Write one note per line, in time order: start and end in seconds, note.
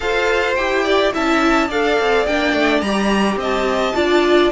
0.00 0.57 F4
0.00 0.56 A4
0.00 0.84 C5
0.00 0.55 F5
0.55 1.13 E4
0.55 1.12 G4
0.55 1.12 G5
0.84 1.12 D5
1.12 1.69 C#4
1.12 1.68 E4
1.12 1.67 E5
1.12 1.70 A5
1.67 1.98 D4
1.67 2.27 A4
1.67 3.37 D5
1.67 2.26 F5
2.00 2.27 C4
2.26 2.53 A#3
2.26 2.84 D4
2.26 2.80 G5
2.53 2.81 A3
2.80 3.36 G3
2.80 3.94 G4
2.80 3.37 A#5
3.36 3.92 C4
3.36 3.96 D#5
3.43 4.51 A5
3.94 4.51 D4
3.94 4.51 F4
3.94 4.51 D5